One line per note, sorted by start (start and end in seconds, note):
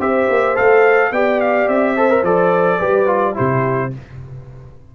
0.00 0.28 C4
0.00 0.55 G4
0.00 1.12 C5
0.00 0.57 E5
0.30 0.58 A#3
0.55 1.11 A3
0.55 1.11 A4
0.55 1.13 F5
1.11 1.68 B3
1.11 1.97 G4
1.11 1.96 D5
1.11 1.41 G5
1.41 1.69 F5
1.68 2.23 C4
1.68 2.25 E5
1.96 2.11 A4
1.96 2.79 C5
2.11 2.25 A#4
2.23 2.79 F3
2.23 2.80 A4
2.23 3.37 D5
2.79 3.36 G3
2.79 3.07 G4
2.79 3.35 B4
3.07 3.34 F4
3.34 3.96 C3
3.34 3.90 E4
3.34 3.93 G4
3.34 3.93 C5